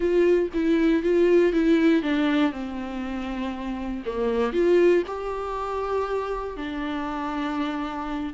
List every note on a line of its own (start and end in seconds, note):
0.00 0.49 F4
0.53 1.02 E4
1.02 1.52 F4
1.52 2.02 E4
2.02 2.52 D4
2.52 4.03 C4
4.05 4.52 A#3
4.52 5.03 F4
5.06 6.56 G4
6.56 8.33 D4